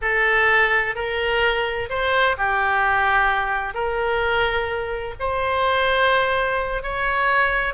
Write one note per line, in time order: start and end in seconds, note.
0.01 0.95 A4
0.95 1.89 A#4
1.89 2.36 C5
2.37 3.74 G4
3.74 5.14 A#4
5.19 6.82 C5
6.82 7.74 C#5